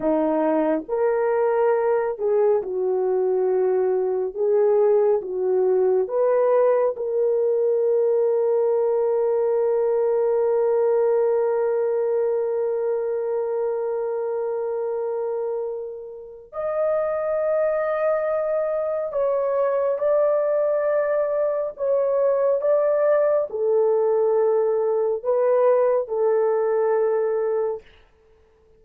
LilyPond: \new Staff \with { instrumentName = "horn" } { \time 4/4 \tempo 4 = 69 dis'4 ais'4. gis'8 fis'4~ | fis'4 gis'4 fis'4 b'4 | ais'1~ | ais'1~ |
ais'2. dis''4~ | dis''2 cis''4 d''4~ | d''4 cis''4 d''4 a'4~ | a'4 b'4 a'2 | }